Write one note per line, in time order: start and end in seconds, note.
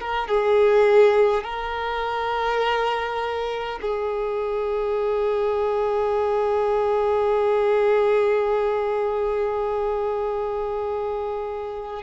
0.00 0.28 A#4
0.28 1.44 G#4
1.44 3.79 A#4
3.82 12.03 G#4